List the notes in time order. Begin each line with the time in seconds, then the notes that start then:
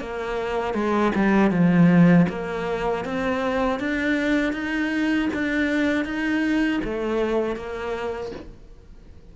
0.00 A#3
0.74 G#3
1.15 G3
1.51 F3
2.29 A#3
3.05 C4
3.79 D4
4.53 D#4
5.34 D4
6.05 D#4
6.84 A3
7.56 A#3